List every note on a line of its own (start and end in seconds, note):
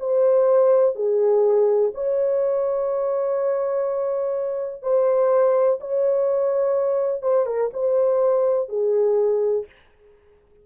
0.00 0.95 C5
0.95 1.92 G#4
1.95 4.83 C#5
4.83 5.79 C5
5.81 7.22 C#5
7.22 7.46 C5
7.46 7.71 A#4
7.73 8.69 C5
8.69 9.66 G#4